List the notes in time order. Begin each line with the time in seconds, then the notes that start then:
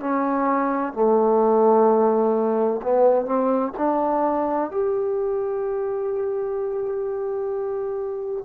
0.00 C#4
0.93 A3
2.82 B3
3.26 C4
3.78 D4
4.70 G4